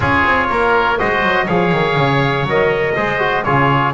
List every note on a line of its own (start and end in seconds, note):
0.00 0.23 C#4
0.00 0.96 F4
0.00 0.47 G#4
0.00 0.98 C#5
0.24 0.49 C4
0.50 0.99 A#3
0.50 0.99 A#4
0.98 1.22 G#3
0.98 1.47 F#4
0.98 1.45 C5
0.98 1.47 D#5
1.22 1.47 F#3
1.45 1.72 F3
1.45 2.47 G#4
1.45 2.93 C#5
1.45 2.46 F5
1.72 1.96 D#3
1.96 2.42 C#3
2.42 2.91 F#3
2.48 2.96 A#4
2.48 3.44 D#5
2.95 3.46 G#3
2.95 3.18 G#4
2.95 3.44 C5
3.18 3.43 F#4
3.44 3.93 C#3
3.44 3.93 F4
3.44 3.93 G#4
3.44 3.93 C#5